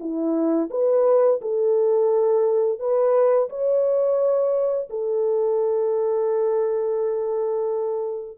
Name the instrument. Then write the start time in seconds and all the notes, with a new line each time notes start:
horn
0.00 E4
0.70 B4
1.42 A4
2.80 B4
3.49 C#5
4.90 A4